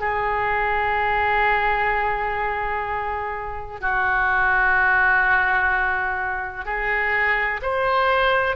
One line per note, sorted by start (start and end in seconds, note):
0.00 3.81 G#4
3.81 6.65 F#4
6.65 7.60 G#4
7.62 8.56 C5